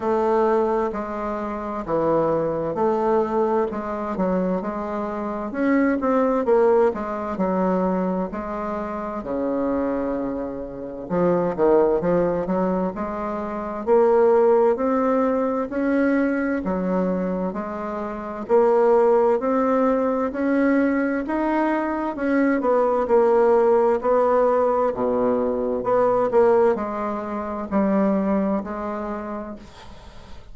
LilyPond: \new Staff \with { instrumentName = "bassoon" } { \time 4/4 \tempo 4 = 65 a4 gis4 e4 a4 | gis8 fis8 gis4 cis'8 c'8 ais8 gis8 | fis4 gis4 cis2 | f8 dis8 f8 fis8 gis4 ais4 |
c'4 cis'4 fis4 gis4 | ais4 c'4 cis'4 dis'4 | cis'8 b8 ais4 b4 b,4 | b8 ais8 gis4 g4 gis4 | }